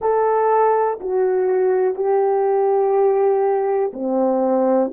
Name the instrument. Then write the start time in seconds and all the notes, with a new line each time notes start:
horn
0.00 A4
1.00 F#4
1.94 G4
3.93 C4